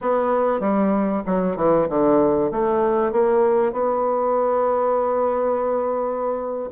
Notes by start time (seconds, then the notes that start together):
0.01 B3
0.60 G3
1.26 F#3
1.56 E3
1.89 D3
2.51 A3
3.12 A#3
3.72 B3